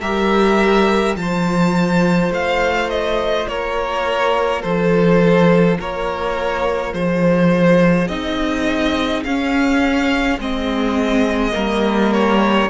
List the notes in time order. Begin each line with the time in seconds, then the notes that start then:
0.00 G3 G4 A#4 E5
1.15 F3 F4 C5 A5
2.30 A3 F5
2.89 D#5
3.47 A#3 A#4 C#5
4.62 F3 A4 C5
5.79 A#3 A#4 C#5
6.93 F3 G#4 C5
8.07 C4 D#4 D#5
9.23 C#4 F5
10.38 G#3 C4 D#5
11.51 G3 A#3 A#4
12.13 C#5